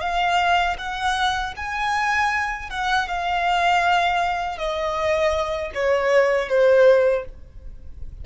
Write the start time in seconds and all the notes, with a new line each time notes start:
0.00 F5
0.78 F#5
1.56 G#5
2.70 F#5
3.08 F5
4.58 D#5
5.74 C#5
6.49 C5